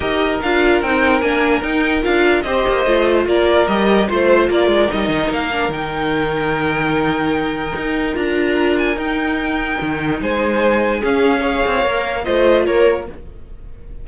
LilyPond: <<
  \new Staff \with { instrumentName = "violin" } { \time 4/4 \tempo 4 = 147 dis''4 f''4 g''4 gis''4 | g''4 f''4 dis''2 | d''4 dis''4 c''4 d''4 | dis''4 f''4 g''2~ |
g''1 | ais''4. gis''8 g''2~ | g''4 gis''2 f''4~ | f''2 dis''4 cis''4 | }
  \new Staff \with { instrumentName = "violin" } { \time 4/4 ais'1~ | ais'2 c''2 | ais'2 c''4 ais'4~ | ais'1~ |
ais'1~ | ais'1~ | ais'4 c''2 gis'4 | cis''2 c''4 ais'4 | }
  \new Staff \with { instrumentName = "viola" } { \time 4/4 g'4 f'4 dis'4 d'4 | dis'4 f'4 g'4 f'4~ | f'4 g'4 f'2 | dis'4. d'8 dis'2~ |
dis'1 | f'2 dis'2~ | dis'2. cis'4 | gis'4 ais'4 f'2 | }
  \new Staff \with { instrumentName = "cello" } { \time 4/4 dis'4 d'4 c'4 ais4 | dis'4 d'4 c'8 ais8 a4 | ais4 g4 a4 ais8 gis8 | g8 dis8 ais4 dis2~ |
dis2. dis'4 | d'2 dis'2 | dis4 gis2 cis'4~ | cis'8 c'8 ais4 a4 ais4 | }
>>